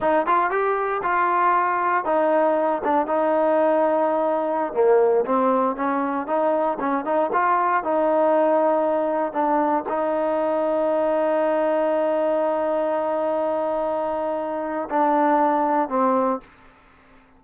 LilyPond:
\new Staff \with { instrumentName = "trombone" } { \time 4/4 \tempo 4 = 117 dis'8 f'8 g'4 f'2 | dis'4. d'8 dis'2~ | dis'4~ dis'16 ais4 c'4 cis'8.~ | cis'16 dis'4 cis'8 dis'8 f'4 dis'8.~ |
dis'2~ dis'16 d'4 dis'8.~ | dis'1~ | dis'1~ | dis'4 d'2 c'4 | }